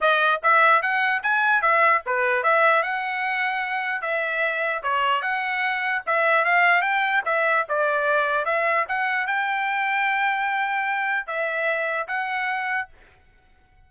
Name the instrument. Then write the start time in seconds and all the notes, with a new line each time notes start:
trumpet
0.01 D#5
0.42 E5
0.82 F#5
1.22 G#5
1.61 E5
2.06 B4
2.43 E5
2.82 F#5
4.01 E5
4.82 C#5
5.21 F#5
6.06 E5
6.44 F5
6.81 G5
7.25 E5
7.68 D5
8.45 E5
8.88 F#5
9.26 G5
11.26 E5
12.07 F#5